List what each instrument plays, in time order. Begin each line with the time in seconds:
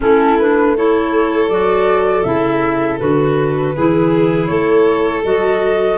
0.00 tuba A3, clarinet C#4, violin E4, flute A4
0.38 clarinet D4, flute B4
0.76 clarinet E4, violin A4, flute C#5
1.48 tuba F#3, clarinet F#4, flute D5
2.23 tuba C#3, clarinet E4, flute E5
2.98 tuba D3, clarinet F#4, flute B4
3.75 tuba E3, clarinet E4, violin G#4
4.46 tuba A3, violin A4, flute C#5
5.23 tuba F#3, clarinet F#4, flute D#5